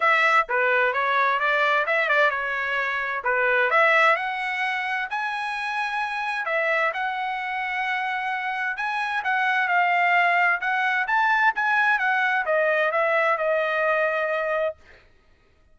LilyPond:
\new Staff \with { instrumentName = "trumpet" } { \time 4/4 \tempo 4 = 130 e''4 b'4 cis''4 d''4 | e''8 d''8 cis''2 b'4 | e''4 fis''2 gis''4~ | gis''2 e''4 fis''4~ |
fis''2. gis''4 | fis''4 f''2 fis''4 | a''4 gis''4 fis''4 dis''4 | e''4 dis''2. | }